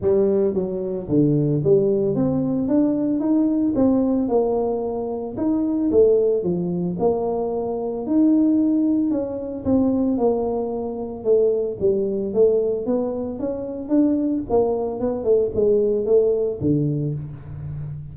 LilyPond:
\new Staff \with { instrumentName = "tuba" } { \time 4/4 \tempo 4 = 112 g4 fis4 d4 g4 | c'4 d'4 dis'4 c'4 | ais2 dis'4 a4 | f4 ais2 dis'4~ |
dis'4 cis'4 c'4 ais4~ | ais4 a4 g4 a4 | b4 cis'4 d'4 ais4 | b8 a8 gis4 a4 d4 | }